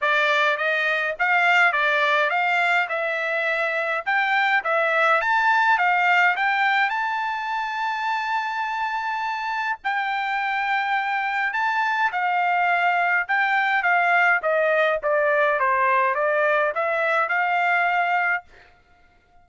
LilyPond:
\new Staff \with { instrumentName = "trumpet" } { \time 4/4 \tempo 4 = 104 d''4 dis''4 f''4 d''4 | f''4 e''2 g''4 | e''4 a''4 f''4 g''4 | a''1~ |
a''4 g''2. | a''4 f''2 g''4 | f''4 dis''4 d''4 c''4 | d''4 e''4 f''2 | }